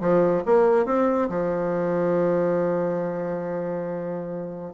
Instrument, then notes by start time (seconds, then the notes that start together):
bassoon
0.00 F3
0.45 A#3
0.86 C4
1.29 F3